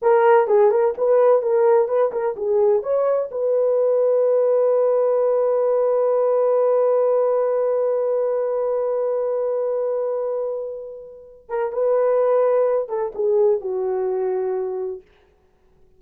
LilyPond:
\new Staff \with { instrumentName = "horn" } { \time 4/4 \tempo 4 = 128 ais'4 gis'8 ais'8 b'4 ais'4 | b'8 ais'8 gis'4 cis''4 b'4~ | b'1~ | b'1~ |
b'1~ | b'1~ | b'8 ais'8 b'2~ b'8 a'8 | gis'4 fis'2. | }